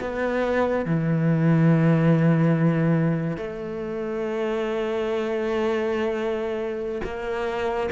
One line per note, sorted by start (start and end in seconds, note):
0.00 0.85 B3
0.85 3.37 E3
3.37 7.01 A3
7.04 7.89 A#3